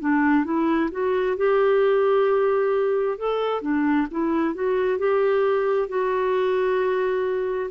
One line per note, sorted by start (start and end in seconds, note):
0.00 0.44 D4
0.44 0.90 E4
0.91 1.36 F#4
1.36 3.18 G4
3.18 3.62 A4
3.62 4.07 D4
4.11 4.54 E4
4.54 4.98 F#4
4.98 5.88 G4
5.88 7.70 F#4